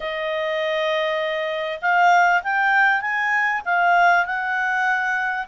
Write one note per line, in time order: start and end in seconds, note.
0.00 1.79 D#5
1.81 2.42 F5
2.43 3.01 G5
3.01 3.61 G#5
3.65 4.25 F5
4.25 5.47 F#5